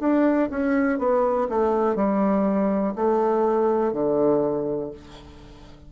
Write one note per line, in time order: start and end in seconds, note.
0.00 0.49 D4
0.51 0.99 C#4
0.99 1.48 B3
1.49 1.96 A3
1.96 2.94 G3
2.96 3.93 A3
3.93 4.91 D3